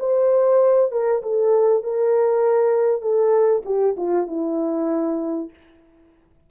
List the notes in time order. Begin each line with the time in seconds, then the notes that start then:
0.00 C5
0.92 A#4
1.23 A4
1.84 A#4
3.02 A4
3.65 G4
3.97 F4
4.28 E4